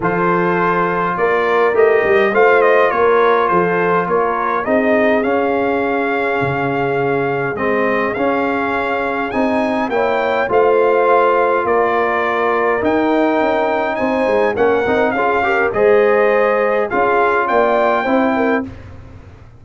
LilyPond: <<
  \new Staff \with { instrumentName = "trumpet" } { \time 4/4 \tempo 4 = 103 c''2 d''4 dis''4 | f''8 dis''8 cis''4 c''4 cis''4 | dis''4 f''2.~ | f''4 dis''4 f''2 |
gis''4 g''4 f''2 | d''2 g''2 | gis''4 fis''4 f''4 dis''4~ | dis''4 f''4 g''2 | }
  \new Staff \with { instrumentName = "horn" } { \time 4/4 a'2 ais'2 | c''4 ais'4 a'4 ais'4 | gis'1~ | gis'1~ |
gis'4 cis''4 c''2 | ais'1 | c''4 ais'4 gis'8 ais'8 c''4~ | c''4 gis'4 d''4 c''8 ais'8 | }
  \new Staff \with { instrumentName = "trombone" } { \time 4/4 f'2. g'4 | f'1 | dis'4 cis'2.~ | cis'4 c'4 cis'2 |
dis'4 e'4 f'2~ | f'2 dis'2~ | dis'4 cis'8 dis'8 f'8 g'8 gis'4~ | gis'4 f'2 e'4 | }
  \new Staff \with { instrumentName = "tuba" } { \time 4/4 f2 ais4 a8 g8 | a4 ais4 f4 ais4 | c'4 cis'2 cis4~ | cis4 gis4 cis'2 |
c'4 ais4 a2 | ais2 dis'4 cis'4 | c'8 gis8 ais8 c'8 cis'4 gis4~ | gis4 cis'4 ais4 c'4 | }
>>